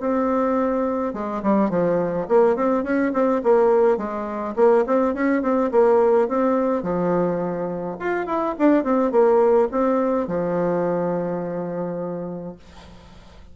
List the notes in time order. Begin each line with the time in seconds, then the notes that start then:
0.00 C4
1.13 G#3
1.42 G3
1.69 F3
2.28 A#3
2.55 C4
2.83 C#4
3.13 C4
3.43 A#3
3.97 G#3
4.56 A#3
4.86 C4
5.14 C#4
5.42 C4
5.71 A#3
6.28 C4
6.82 F3
7.99 F4
8.26 E4
8.58 D4
8.83 C4
9.11 A#3
9.71 C4
10.27 F3